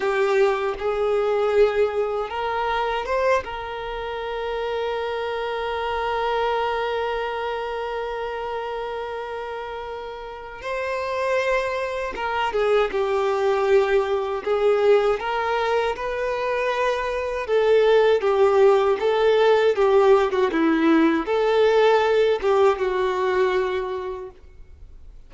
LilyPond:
\new Staff \with { instrumentName = "violin" } { \time 4/4 \tempo 4 = 79 g'4 gis'2 ais'4 | c''8 ais'2.~ ais'8~ | ais'1~ | ais'2 c''2 |
ais'8 gis'8 g'2 gis'4 | ais'4 b'2 a'4 | g'4 a'4 g'8. fis'16 e'4 | a'4. g'8 fis'2 | }